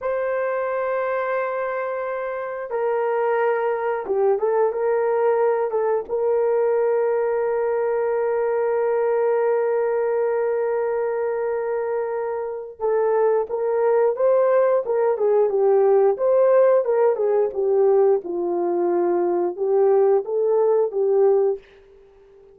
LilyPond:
\new Staff \with { instrumentName = "horn" } { \time 4/4 \tempo 4 = 89 c''1 | ais'2 g'8 a'8 ais'4~ | ais'8 a'8 ais'2.~ | ais'1~ |
ais'2. a'4 | ais'4 c''4 ais'8 gis'8 g'4 | c''4 ais'8 gis'8 g'4 f'4~ | f'4 g'4 a'4 g'4 | }